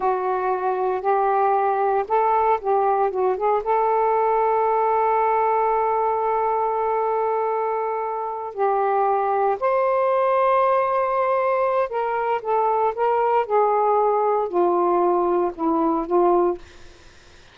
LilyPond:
\new Staff \with { instrumentName = "saxophone" } { \time 4/4 \tempo 4 = 116 fis'2 g'2 | a'4 g'4 fis'8 gis'8 a'4~ | a'1~ | a'1~ |
a'8 g'2 c''4.~ | c''2. ais'4 | a'4 ais'4 gis'2 | f'2 e'4 f'4 | }